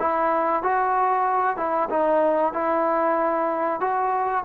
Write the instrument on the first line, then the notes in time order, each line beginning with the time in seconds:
trombone
0.00 E4
0.63 F#4
1.57 E4
1.90 D#4
2.53 E4
3.81 F#4